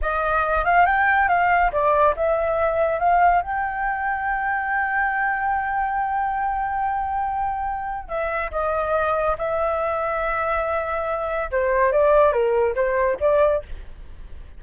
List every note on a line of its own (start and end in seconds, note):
0.01 0.64 D#5
0.64 0.85 F5
0.85 1.28 G5
1.28 1.71 F5
1.72 2.14 D5
2.16 2.99 E5
2.99 3.42 F5
3.42 8.08 G5
8.08 8.50 E5
8.51 9.36 D#5
9.38 11.50 E5
11.51 11.91 C5
11.91 12.32 D5
12.32 12.74 A#4
12.75 13.17 C5
13.20 13.62 D5